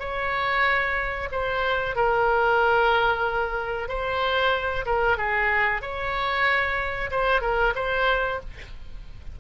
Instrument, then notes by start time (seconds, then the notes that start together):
oboe
0.00 C#5
1.32 C5
1.96 A#4
3.89 C5
4.86 A#4
5.18 G#4
5.82 C#5
7.11 C5
7.42 A#4
7.76 C5